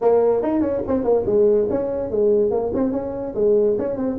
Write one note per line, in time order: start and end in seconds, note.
0.01 0.42 A#3
0.42 0.60 D#4
0.60 0.81 C#4
0.87 1.04 C4
1.04 1.25 A#3
1.26 1.68 G#3
1.70 2.10 C#4
2.10 2.50 G#3
2.50 2.71 A#3
2.74 2.92 C4
2.92 3.34 C#4
3.34 3.76 G#3
3.78 3.97 C#4
3.97 4.17 C4